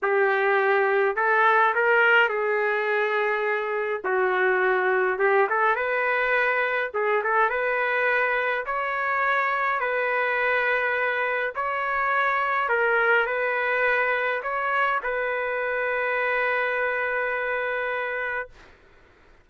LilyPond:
\new Staff \with { instrumentName = "trumpet" } { \time 4/4 \tempo 4 = 104 g'2 a'4 ais'4 | gis'2. fis'4~ | fis'4 g'8 a'8 b'2 | gis'8 a'8 b'2 cis''4~ |
cis''4 b'2. | cis''2 ais'4 b'4~ | b'4 cis''4 b'2~ | b'1 | }